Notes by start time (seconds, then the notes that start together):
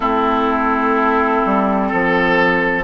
0.00 A3 C4 E4 A4
1.45 G3
1.88 F3 A4